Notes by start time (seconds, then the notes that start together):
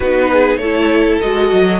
0.00 B3 D#4 F#4 B4
0.32 G#4
0.56 A3 A4 C#5
0.62 E4
1.20 G#3 F#4 D#5
1.52 F#3